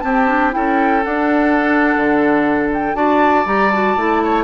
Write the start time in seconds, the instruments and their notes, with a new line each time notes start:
0.00 clarinet C4, bassoon C4, oboe G4, flute A5
0.27 clarinet D4
0.51 bassoon C#4, clarinet E4, oboe A4, flute G5
1.04 clarinet D4, bassoon D4, flute F#5
1.97 bassoon D3
2.74 flute G5
2.94 bassoon D4, clarinet F#4, oboe D5, flute A5
3.45 bassoon G3, clarinet G4, flute A#5
3.71 clarinet F#4, flute A5
3.96 bassoon A3, clarinet E4
4.23 oboe C#5